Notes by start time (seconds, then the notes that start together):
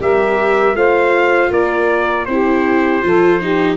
0.00 G3 G4 A#4 E5
0.75 A3 F4 C5 F5
1.51 A#3 A#4 D5
2.26 C4 E4 G4 C5
3.02 F3 F4 A4
3.41 D#4 G4